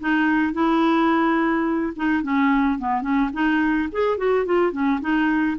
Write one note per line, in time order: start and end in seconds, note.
0.00 0.53 D#4
0.53 1.93 E4
1.96 2.23 D#4
2.23 2.79 C#4
2.79 3.02 B3
3.02 3.30 C#4
3.33 3.89 D#4
3.92 4.18 G#4
4.18 4.46 F#4
4.46 4.72 F4
4.72 5.00 C#4
5.01 5.57 D#4